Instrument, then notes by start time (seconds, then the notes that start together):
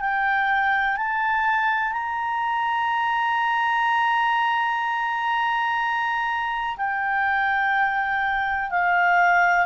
clarinet
0.00 G5
0.97 A5
1.92 A#5
6.77 G5
8.70 F5